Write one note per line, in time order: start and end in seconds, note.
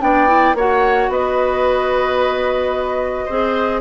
0.00 0.54 B3
0.00 0.27 D4
0.00 0.56 D5
0.00 0.55 G5
0.27 0.54 E4
0.54 1.08 A#3
0.54 3.29 F#4
0.54 1.10 C#5
0.54 1.11 F#5
1.08 3.26 B3
1.08 3.25 B4
1.08 3.80 D#5
3.25 3.80 C4
3.25 3.80 G#4
3.25 3.79 C5